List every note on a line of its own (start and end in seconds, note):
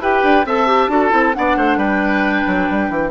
0.00 0.22 E4
0.00 0.45 G4
0.00 0.47 B4
0.00 0.47 G5
0.23 0.46 D4
0.46 0.89 C4
0.46 0.67 A4
0.46 0.91 E5
0.46 1.34 A5
0.67 0.90 G4
0.89 1.11 D4
0.89 1.10 F#4
0.89 1.36 A4
1.10 1.35 C4
1.10 1.33 E4
1.34 1.57 B3
1.34 3.11 D4
1.34 1.58 D5
1.34 1.78 F#5
1.57 1.77 A3
1.57 1.78 C5
1.77 2.44 G3
1.77 3.11 B4
1.77 3.11 G5
2.47 2.69 F#3
2.70 2.90 G3
2.90 3.11 E3